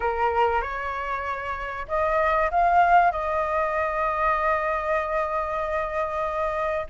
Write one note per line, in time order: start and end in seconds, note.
0.00 0.61 A#4
0.61 1.86 C#5
1.88 2.50 D#5
2.50 3.11 F5
3.11 6.86 D#5